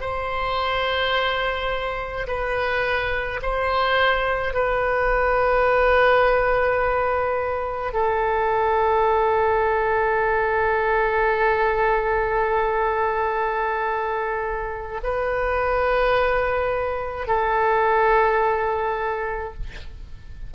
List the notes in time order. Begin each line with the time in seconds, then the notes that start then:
0.00 C5
2.27 B4
3.42 C5
4.53 B4
7.93 A4
15.03 B4
17.27 A4